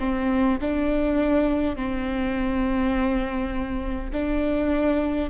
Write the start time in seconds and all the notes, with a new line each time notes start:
0.00 C4
0.61 D4
1.76 C4
4.13 D4